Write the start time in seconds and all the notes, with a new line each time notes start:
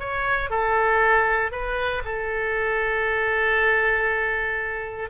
0.00 C#5
0.51 A4
1.52 B4
2.05 A4